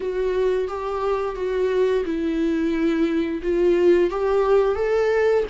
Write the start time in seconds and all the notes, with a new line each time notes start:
0.00 F#4
0.68 G4
1.35 F#4
2.05 E4
3.42 F4
4.10 G4
4.75 A4